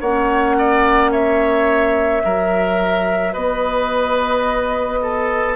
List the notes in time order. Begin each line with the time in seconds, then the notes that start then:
0.00 A#3 C#4 C#5 F#5
0.58 D5
1.11 C#5 E5
2.23 F#3 F#4 A#4
3.33 B3 B4 D#5
5.02 A4